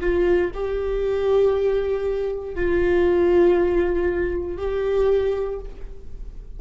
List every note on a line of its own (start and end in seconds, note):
0.00 0.51 F4
0.53 2.55 G4
2.55 4.57 F4
4.57 5.59 G4